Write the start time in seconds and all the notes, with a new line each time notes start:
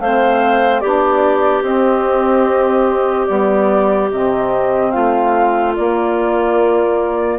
0.00 A3 C4 C5 F5
0.80 B3 D4 G4 D5
1.62 C4 D#5
3.27 G3 B3 D5
4.11 C3 C4 D#5
4.91 A3 F4 F5
5.76 A#3 D5